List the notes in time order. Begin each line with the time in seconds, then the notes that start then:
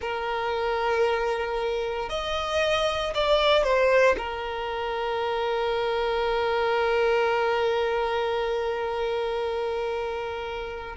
0.01 A#4
2.09 D#5
3.14 D5
3.63 C5
4.17 A#4